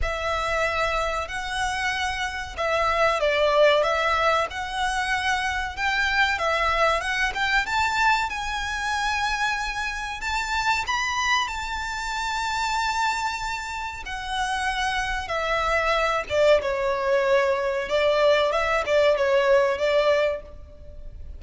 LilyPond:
\new Staff \with { instrumentName = "violin" } { \time 4/4 \tempo 4 = 94 e''2 fis''2 | e''4 d''4 e''4 fis''4~ | fis''4 g''4 e''4 fis''8 g''8 | a''4 gis''2. |
a''4 b''4 a''2~ | a''2 fis''2 | e''4. d''8 cis''2 | d''4 e''8 d''8 cis''4 d''4 | }